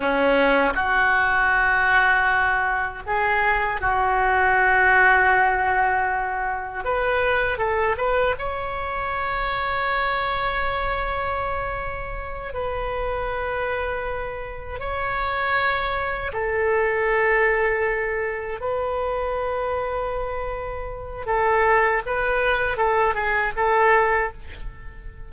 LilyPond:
\new Staff \with { instrumentName = "oboe" } { \time 4/4 \tempo 4 = 79 cis'4 fis'2. | gis'4 fis'2.~ | fis'4 b'4 a'8 b'8 cis''4~ | cis''1~ |
cis''8 b'2. cis''8~ | cis''4. a'2~ a'8~ | a'8 b'2.~ b'8 | a'4 b'4 a'8 gis'8 a'4 | }